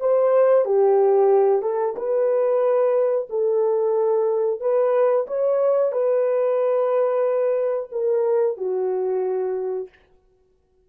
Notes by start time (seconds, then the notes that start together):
0.00 C5
0.65 G4
1.62 A4
1.96 B4
3.30 A4
4.61 B4
5.27 C#5
5.92 B4
7.92 A#4
8.57 F#4